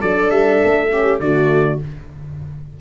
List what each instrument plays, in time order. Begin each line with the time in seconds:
0.00 tuba F#3, horn D4, viola A4, trumpet D5
0.30 tuba G3, trumpet E5
0.64 tuba A3
0.91 horn C#4, viola G4
1.20 tuba D3, horn A3, viola F#4, trumpet D5